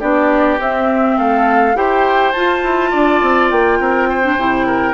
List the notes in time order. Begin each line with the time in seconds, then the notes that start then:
0.00 B3 D4 G4 D5
0.59 C4 E5
1.18 A3 A4 F5
1.75 E4 G4 C5 G5
2.32 F4 A5
2.64 E4
2.91 D4 D5
3.23 C4
3.51 A#3 G5
3.80 C4 A#4
4.09 C5
4.23 D4
4.37 C3 E4
4.67 A#4